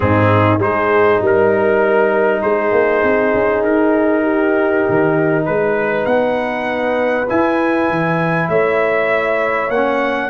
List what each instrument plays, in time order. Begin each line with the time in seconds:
0.00 tuba G#2, trombone C4, horn D#4, trumpet G#4
0.58 tuba G#3, trombone D#4, horn G#4, trumpet C5
1.21 tuba G3, horn A#4, trumpet A#4
2.41 tuba G#3, horn G#4, trumpet C5
2.71 tuba A#3
3.03 tuba C4
3.34 tuba C#4
3.62 tuba D#4, trumpet A#4
4.21 horn G4
4.89 tuba D#3
5.45 tuba G#3, trumpet B4, horn B4
6.05 tuba B3, trumpet F#5
7.28 trombone E4, tuba E4, trumpet G#5
7.89 tuba E3
8.48 tuba A3, horn C#5, trumpet E5
9.69 tuba A#3, trombone C#4, trumpet F#5